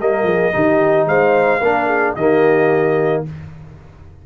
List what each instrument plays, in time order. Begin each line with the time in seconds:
0.00 tuba G3, trombone A#3, horn A#4, trumpet D#5
0.23 tuba F3, horn G#4
0.52 tuba D#3, trombone D#4, horn G4
1.06 tuba G#3, horn C5, trumpet F5
1.60 tuba A#3, trombone D4, horn A#4
1.87 horn G#4
2.15 tuba D#3, trombone A#3, horn G4, trumpet D#5